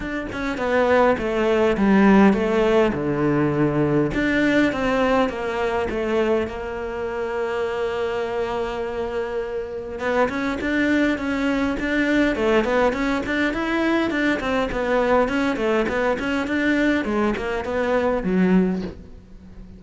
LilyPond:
\new Staff \with { instrumentName = "cello" } { \time 4/4 \tempo 4 = 102 d'8 cis'8 b4 a4 g4 | a4 d2 d'4 | c'4 ais4 a4 ais4~ | ais1~ |
ais4 b8 cis'8 d'4 cis'4 | d'4 a8 b8 cis'8 d'8 e'4 | d'8 c'8 b4 cis'8 a8 b8 cis'8 | d'4 gis8 ais8 b4 fis4 | }